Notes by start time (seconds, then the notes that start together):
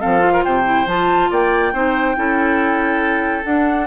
0.00 F3 C4 A4 F5
0.20 F4
0.33 A#4
0.45 C3 C5 G5
0.65 E4
0.87 F3 F4 A5
1.31 A#3 D5 G5
1.73 C4 D#4 C5
2.16 C#4 E4 A4
3.44 D4 F#5